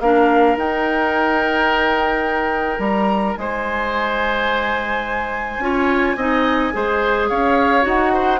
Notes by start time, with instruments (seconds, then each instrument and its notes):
0.00 bassoon A#3, clarinet D4, oboe A#4, flute F5
0.56 bassoon D#4, clarinet D#4, flute G5
2.79 bassoon G3, flute A#5
3.37 bassoon G#3, oboe C5, flute G#5
5.58 bassoon C#4, clarinet F4, oboe C#5
6.16 bassoon C4, clarinet D#4, oboe D#5
6.73 bassoon G#3, clarinet G#4, oboe C5
7.29 bassoon C#4, oboe C#5, flute F5
7.82 bassoon D#4, clarinet F#4, flute F#5
8.13 oboe C5